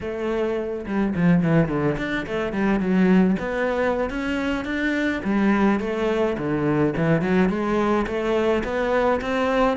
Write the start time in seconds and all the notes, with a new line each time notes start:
0.00 A3
0.85 G3
1.15 F3
1.43 E3
1.68 D3
1.97 D4
2.26 A3
2.52 G3
2.79 F#3
3.39 B3
4.10 C#4
4.64 D4
5.24 G3
5.80 A3
6.37 D3
6.96 E3
7.21 F#3
7.49 G#3
8.06 A3
8.63 B3
9.21 C4